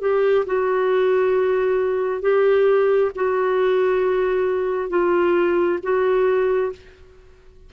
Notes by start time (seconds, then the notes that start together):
0.00 G4
0.46 F#4
2.21 G4
3.15 F#4
4.89 F4
5.82 F#4